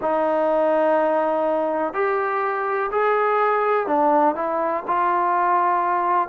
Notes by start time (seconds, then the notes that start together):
0.01 D#4
1.93 G4
2.91 G#4
3.86 D4
4.35 E4
4.87 F4